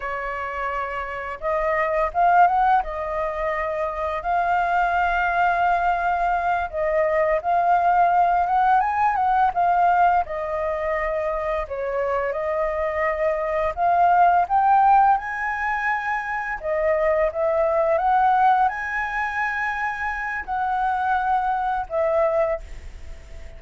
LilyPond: \new Staff \with { instrumentName = "flute" } { \time 4/4 \tempo 4 = 85 cis''2 dis''4 f''8 fis''8 | dis''2 f''2~ | f''4. dis''4 f''4. | fis''8 gis''8 fis''8 f''4 dis''4.~ |
dis''8 cis''4 dis''2 f''8~ | f''8 g''4 gis''2 dis''8~ | dis''8 e''4 fis''4 gis''4.~ | gis''4 fis''2 e''4 | }